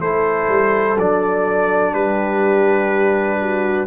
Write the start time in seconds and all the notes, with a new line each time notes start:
0.00 A3 E4 A4 C5
0.48 G3
0.98 F#3 D4 D5
1.93 G3 G4 B4
3.41 F#4